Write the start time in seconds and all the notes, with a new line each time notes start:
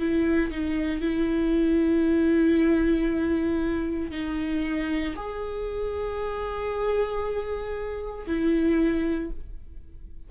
0.00 E4
0.51 D#4
1.02 E4
4.11 D#4
5.16 G#4
8.27 E4